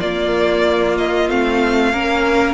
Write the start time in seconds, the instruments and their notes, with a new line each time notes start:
0.00 cello A#3, viola A#3, violin F4 D5
0.98 violin D#5
1.29 cello A3, viola C4, violin F5
1.92 cello A#3, viola C#4, violin A#4